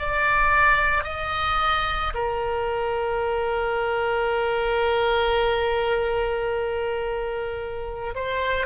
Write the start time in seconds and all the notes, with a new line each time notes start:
0.00 D5
1.04 D#5
2.15 A#4
8.16 C5